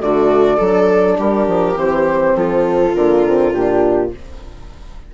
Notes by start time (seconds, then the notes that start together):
0.00 D3 A3 F#4 D5
0.57 F#3 D4 A4
1.17 G3 G4 A#4
1.47 F3
1.75 E3 C4 C5
2.35 F3 F4 A4
2.94 D3 A#3 A#4
3.27 C4
3.51 A#2 D4 G4